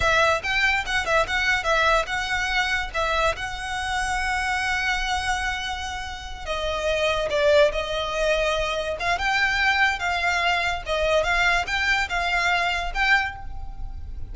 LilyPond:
\new Staff \with { instrumentName = "violin" } { \time 4/4 \tempo 4 = 144 e''4 g''4 fis''8 e''8 fis''4 | e''4 fis''2 e''4 | fis''1~ | fis''2.~ fis''8 dis''8~ |
dis''4. d''4 dis''4.~ | dis''4. f''8 g''2 | f''2 dis''4 f''4 | g''4 f''2 g''4 | }